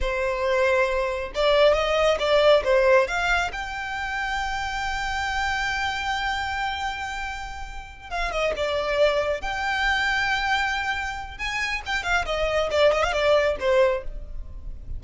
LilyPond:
\new Staff \with { instrumentName = "violin" } { \time 4/4 \tempo 4 = 137 c''2. d''4 | dis''4 d''4 c''4 f''4 | g''1~ | g''1~ |
g''2~ g''8 f''8 dis''8 d''8~ | d''4. g''2~ g''8~ | g''2 gis''4 g''8 f''8 | dis''4 d''8 dis''16 f''16 d''4 c''4 | }